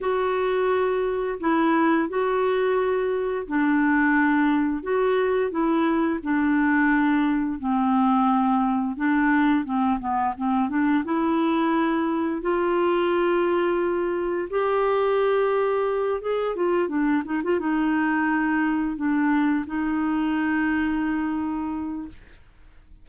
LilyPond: \new Staff \with { instrumentName = "clarinet" } { \time 4/4 \tempo 4 = 87 fis'2 e'4 fis'4~ | fis'4 d'2 fis'4 | e'4 d'2 c'4~ | c'4 d'4 c'8 b8 c'8 d'8 |
e'2 f'2~ | f'4 g'2~ g'8 gis'8 | f'8 d'8 dis'16 f'16 dis'2 d'8~ | d'8 dis'2.~ dis'8 | }